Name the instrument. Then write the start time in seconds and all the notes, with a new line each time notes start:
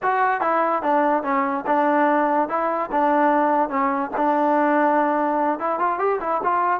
trombone
0.02 F#4
0.40 E4
0.82 D4
1.23 C#4
1.66 D4
2.48 E4
2.91 D4
3.69 C#4
4.16 D4
5.59 E4
5.79 F4
5.98 G4
6.20 E4
6.43 F4